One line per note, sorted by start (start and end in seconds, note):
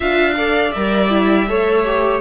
0.00 0.74 D4
0.00 0.36 F4
0.00 0.34 E5
0.00 0.71 F5
0.37 0.74 A4
0.37 1.48 D5
0.71 1.49 G3
0.71 1.09 A#4
0.71 2.20 E5
1.09 1.46 E4
1.48 2.21 A3
1.48 1.84 A4
1.48 2.21 C#5
1.84 2.21 G4